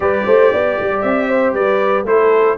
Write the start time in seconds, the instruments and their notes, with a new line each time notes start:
0.00 tuba G3, trombone G4, horn B4, trumpet D5
0.26 tuba A3, horn C5
0.51 tuba B3, horn D5
0.80 tuba G3
1.01 tuba C4, trumpet E5
1.28 horn C5
1.53 tuba G3, horn B4, trumpet D5
2.04 tuba A3, trombone E4, horn A4, trumpet C5